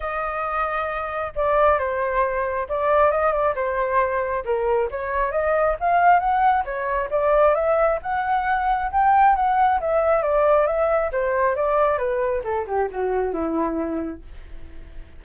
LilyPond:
\new Staff \with { instrumentName = "flute" } { \time 4/4 \tempo 4 = 135 dis''2. d''4 | c''2 d''4 dis''8 d''8 | c''2 ais'4 cis''4 | dis''4 f''4 fis''4 cis''4 |
d''4 e''4 fis''2 | g''4 fis''4 e''4 d''4 | e''4 c''4 d''4 b'4 | a'8 g'8 fis'4 e'2 | }